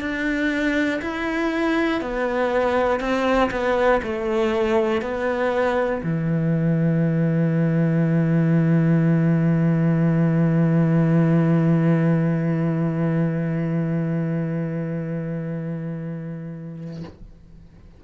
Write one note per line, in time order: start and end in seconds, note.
0.00 1.00 D4
1.01 2.01 E4
2.01 3.00 B3
3.00 3.50 C4
3.51 4.01 B3
4.03 5.01 A3
5.01 6.01 B3
6.03 17.03 E3